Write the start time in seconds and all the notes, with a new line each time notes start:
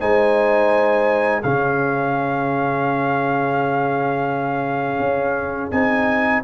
0.00 G#3 D#4 C5 G#5
1.42 C#3 C#4 G#4 F5
4.99 C#4
5.71 C4 D#4 G#5